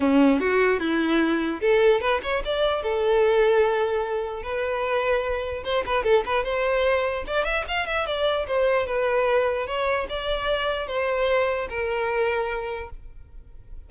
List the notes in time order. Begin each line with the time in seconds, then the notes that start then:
0.00 C#4
0.40 F#4
0.79 E4
1.60 A4
2.00 B4
2.22 C#5
2.45 D5
2.82 A4
4.42 B4
5.64 C5
5.85 B4
6.03 A4
6.25 B4
6.44 C5
7.26 D5
7.44 E5
7.68 F5
7.86 E5
8.06 D5
8.47 C5
8.86 B4
9.66 C#5
10.09 D5
10.87 C5
11.69 A#4